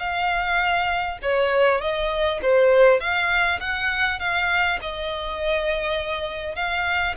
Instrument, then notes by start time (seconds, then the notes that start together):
violin
0.00 F5
1.23 C#5
1.81 D#5
2.42 C5
3.00 F5
3.60 F#5
4.20 F5
4.82 D#5
6.56 F5